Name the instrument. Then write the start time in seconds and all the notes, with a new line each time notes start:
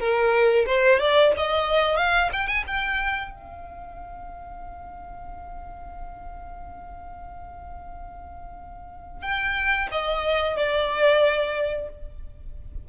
violin
0.00 A#4
0.67 C5
1.00 D5
1.38 D#5
1.97 F5
2.33 G5
2.48 G#5
2.67 G5
3.31 F5
9.22 G5
9.92 D#5
10.57 D5